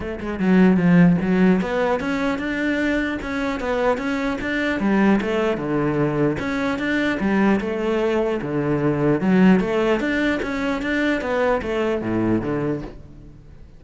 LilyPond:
\new Staff \with { instrumentName = "cello" } { \time 4/4 \tempo 4 = 150 a8 gis8 fis4 f4 fis4 | b4 cis'4 d'2 | cis'4 b4 cis'4 d'4 | g4 a4 d2 |
cis'4 d'4 g4 a4~ | a4 d2 fis4 | a4 d'4 cis'4 d'4 | b4 a4 a,4 d4 | }